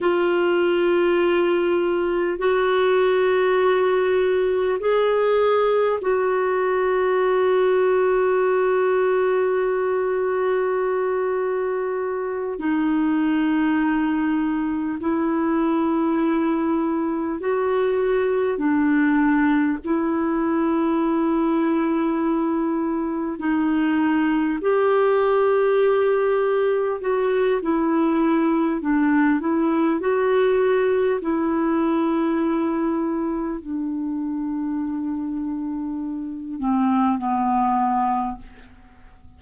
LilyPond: \new Staff \with { instrumentName = "clarinet" } { \time 4/4 \tempo 4 = 50 f'2 fis'2 | gis'4 fis'2.~ | fis'2~ fis'8 dis'4.~ | dis'8 e'2 fis'4 d'8~ |
d'8 e'2. dis'8~ | dis'8 g'2 fis'8 e'4 | d'8 e'8 fis'4 e'2 | d'2~ d'8 c'8 b4 | }